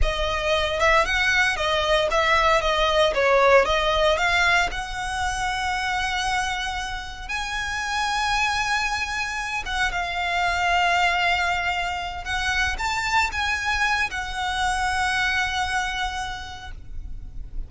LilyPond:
\new Staff \with { instrumentName = "violin" } { \time 4/4 \tempo 4 = 115 dis''4. e''8 fis''4 dis''4 | e''4 dis''4 cis''4 dis''4 | f''4 fis''2.~ | fis''2 gis''2~ |
gis''2~ gis''8 fis''8 f''4~ | f''2.~ f''8 fis''8~ | fis''8 a''4 gis''4. fis''4~ | fis''1 | }